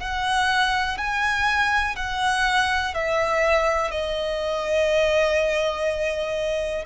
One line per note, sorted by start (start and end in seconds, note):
0.00 0.98 F#5
0.98 1.96 G#5
1.96 2.95 F#5
2.95 3.92 E5
3.92 6.86 D#5